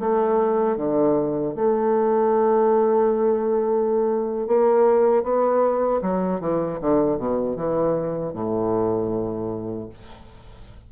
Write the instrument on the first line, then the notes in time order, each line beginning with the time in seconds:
bassoon
0.00 A3
0.77 D3
1.55 A3
4.47 A#3
5.23 B3
6.02 F#3
6.40 E3
6.81 D3
7.18 B2
7.57 E3
8.33 A2